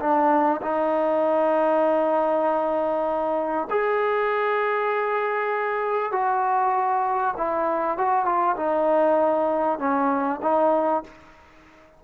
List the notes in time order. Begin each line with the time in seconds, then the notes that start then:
0.00 D4
0.62 D#4
3.70 G#4
6.13 F#4
7.38 E4
7.98 F#4
8.25 F4
8.57 D#4
9.79 C#4
10.43 D#4